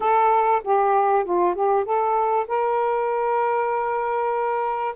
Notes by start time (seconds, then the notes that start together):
0.00 A4
0.64 G4
1.24 F4
1.55 G4
1.84 A4
2.47 A#4